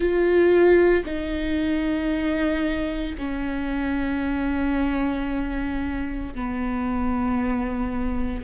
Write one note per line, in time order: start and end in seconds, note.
0.00 1.04 F4
1.05 3.15 D#4
3.18 6.33 C#4
6.34 8.43 B3